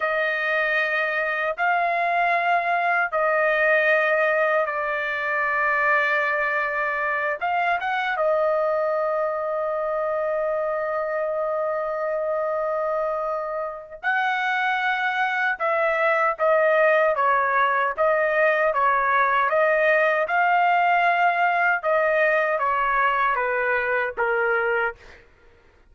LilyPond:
\new Staff \with { instrumentName = "trumpet" } { \time 4/4 \tempo 4 = 77 dis''2 f''2 | dis''2 d''2~ | d''4. f''8 fis''8 dis''4.~ | dis''1~ |
dis''2 fis''2 | e''4 dis''4 cis''4 dis''4 | cis''4 dis''4 f''2 | dis''4 cis''4 b'4 ais'4 | }